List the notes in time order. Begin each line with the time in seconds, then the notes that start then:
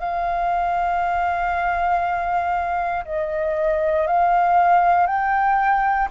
0.00 F5
3.06 D#5
4.07 F5
5.07 G5